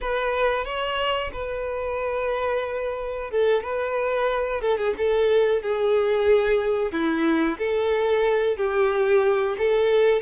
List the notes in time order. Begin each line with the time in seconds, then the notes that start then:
0.00 B4
0.64 C#5
1.32 B4
3.31 A4
3.63 B4
4.61 A4
4.77 G#4
4.97 A4
5.62 G#4
6.92 E4
7.58 A4
8.57 G4
9.58 A4